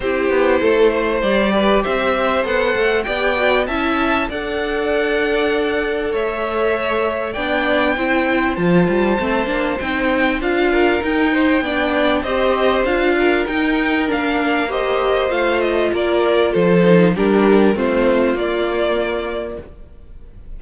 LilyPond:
<<
  \new Staff \with { instrumentName = "violin" } { \time 4/4 \tempo 4 = 98 c''2 d''4 e''4 | fis''4 g''4 a''4 fis''4~ | fis''2 e''2 | g''2 a''2 |
g''4 f''4 g''2 | dis''4 f''4 g''4 f''4 | dis''4 f''8 dis''8 d''4 c''4 | ais'4 c''4 d''2 | }
  \new Staff \with { instrumentName = "violin" } { \time 4/4 g'4 a'8 c''4 b'8 c''4~ | c''4 d''4 e''4 d''4~ | d''2 cis''2 | d''4 c''2.~ |
c''4. ais'4 c''8 d''4 | c''4. ais'2~ ais'8 | c''2 ais'4 a'4 | g'4 f'2. | }
  \new Staff \with { instrumentName = "viola" } { \time 4/4 e'2 g'2 | a'4 g'8 fis'8 e'4 a'4~ | a'1 | d'4 e'4 f'4 c'8 d'8 |
dis'4 f'4 dis'4 d'4 | g'4 f'4 dis'4 d'4 | g'4 f'2~ f'8 dis'8 | d'4 c'4 ais2 | }
  \new Staff \with { instrumentName = "cello" } { \time 4/4 c'8 b8 a4 g4 c'4 | b8 a8 b4 cis'4 d'4~ | d'2 a2 | b4 c'4 f8 g8 a8 ais8 |
c'4 d'4 dis'4 b4 | c'4 d'4 dis'4 ais4~ | ais4 a4 ais4 f4 | g4 a4 ais2 | }
>>